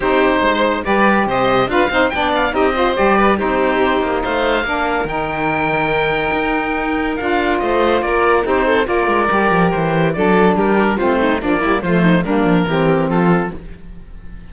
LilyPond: <<
  \new Staff \with { instrumentName = "oboe" } { \time 4/4 \tempo 4 = 142 c''2 d''4 dis''4 | f''4 g''8 f''8 dis''4 d''4 | c''2 f''2 | g''1~ |
g''4 f''4 dis''4 d''4 | c''4 d''2 c''4 | d''4 ais'4 c''4 d''4 | c''4 ais'2 a'4 | }
  \new Staff \with { instrumentName = "violin" } { \time 4/4 g'4 c''4 b'4 c''4 | b'8 c''8 d''4 g'8 c''4 b'8 | g'2 c''4 ais'4~ | ais'1~ |
ais'2 c''4 ais'4 | g'8 a'8 ais'2. | a'4 g'4 f'8 dis'8 d'8 e'8 | f'8 dis'8 d'4 g'4 f'4 | }
  \new Staff \with { instrumentName = "saxophone" } { \time 4/4 dis'2 g'2 | f'8 dis'8 d'4 dis'8 f'8 g'4 | dis'2. d'4 | dis'1~ |
dis'4 f'2. | dis'4 f'4 g'2 | d'2 c'4 f8 g8 | a4 ais4 c'2 | }
  \new Staff \with { instrumentName = "cello" } { \time 4/4 c'4 gis4 g4 c4 | d'8 c'8 b4 c'4 g4 | c'4. ais8 a4 ais4 | dis2. dis'4~ |
dis'4 d'4 a4 ais4 | c'4 ais8 gis8 g8 f8 e4 | fis4 g4 a4 ais4 | f4 g8 f8 e4 f4 | }
>>